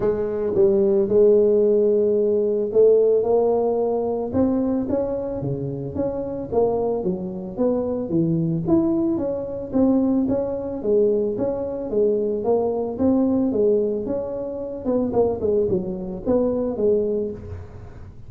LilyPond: \new Staff \with { instrumentName = "tuba" } { \time 4/4 \tempo 4 = 111 gis4 g4 gis2~ | gis4 a4 ais2 | c'4 cis'4 cis4 cis'4 | ais4 fis4 b4 e4 |
e'4 cis'4 c'4 cis'4 | gis4 cis'4 gis4 ais4 | c'4 gis4 cis'4. b8 | ais8 gis8 fis4 b4 gis4 | }